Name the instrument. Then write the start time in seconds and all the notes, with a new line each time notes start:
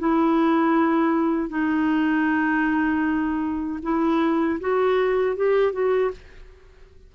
clarinet
0.00 E4
1.49 D#4
3.83 E4
4.61 F#4
5.36 G4
5.73 F#4